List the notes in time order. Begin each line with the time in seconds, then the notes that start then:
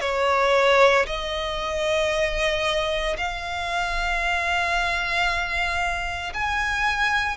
0.00 C#5
1.06 D#5
3.17 F5
6.33 G#5